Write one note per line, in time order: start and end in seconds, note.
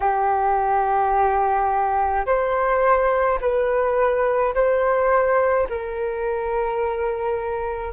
0.00 2.25 G4
2.26 3.39 C5
3.41 4.54 B4
4.54 5.67 C5
5.69 7.92 A#4